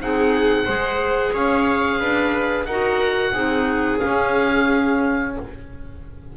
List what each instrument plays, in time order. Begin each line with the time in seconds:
0.00 double bass C4, clarinet D#4, viola G#4, oboe F#5
0.65 double bass G#3, clarinet G#4, viola C5
1.34 double bass C#4, viola C#5, oboe F5
1.99 double bass D4, viola B4
2.65 double bass D#4, clarinet F#4, viola A#4, oboe F#5
3.33 double bass C4, clarinet D#4, viola G#4
3.99 clarinet C#4, double bass C#4, oboe F5